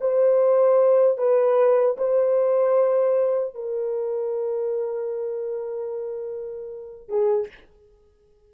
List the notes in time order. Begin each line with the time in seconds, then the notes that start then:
0.00 C5
1.17 B4
1.97 C5
3.54 A#4
7.08 G#4